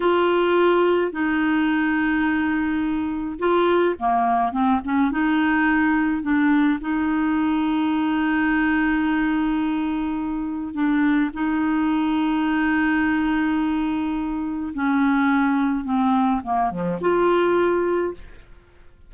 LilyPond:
\new Staff \with { instrumentName = "clarinet" } { \time 4/4 \tempo 4 = 106 f'2 dis'2~ | dis'2 f'4 ais4 | c'8 cis'8 dis'2 d'4 | dis'1~ |
dis'2. d'4 | dis'1~ | dis'2 cis'2 | c'4 ais8 f8 f'2 | }